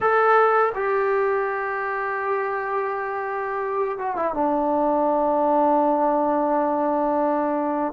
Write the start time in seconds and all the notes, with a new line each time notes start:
0.00 A4
0.74 G4
3.98 F#4
4.16 E4
4.33 D4